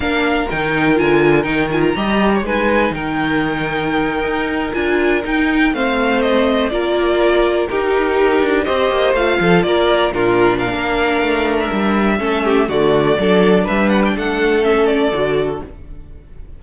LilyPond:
<<
  \new Staff \with { instrumentName = "violin" } { \time 4/4 \tempo 4 = 123 f''4 g''4 gis''4 g''8 gis''16 ais''16~ | ais''4 gis''4 g''2~ | g''4.~ g''16 gis''4 g''4 f''16~ | f''8. dis''4 d''2 ais'16~ |
ais'4.~ ais'16 dis''4 f''4 d''16~ | d''8. ais'4 f''2 e''16~ | e''2 d''2 | e''8 fis''16 g''16 fis''4 e''8 d''4. | }
  \new Staff \with { instrumentName = "violin" } { \time 4/4 ais'1 | dis''8. cis''16 b'4 ais'2~ | ais'2.~ ais'8. c''16~ | c''4.~ c''16 ais'2 g'16~ |
g'4.~ g'16 c''4. a'8 ais'16~ | ais'8. f'4 ais'2~ ais'16~ | ais'4 a'8 g'8 fis'4 a'4 | b'4 a'2. | }
  \new Staff \with { instrumentName = "viola" } { \time 4/4 d'4 dis'4 f'4 dis'8 f'8 | g'4 dis'2.~ | dis'4.~ dis'16 f'4 dis'4 c'16~ | c'4.~ c'16 f'2 dis'16~ |
dis'4.~ dis'16 g'4 f'4~ f'16~ | f'8. d'2.~ d'16~ | d'4 cis'4 a4 d'4~ | d'2 cis'4 fis'4 | }
  \new Staff \with { instrumentName = "cello" } { \time 4/4 ais4 dis4 d4 dis4 | g4 gis4 dis2~ | dis8. dis'4 d'4 dis'4 a16~ | a4.~ a16 ais2 dis'16~ |
dis'4~ dis'16 d'8 c'8 ais8 a8 f8 ais16~ | ais8. ais,4~ ais,16 ais4 a4 | g4 a4 d4 fis4 | g4 a2 d4 | }
>>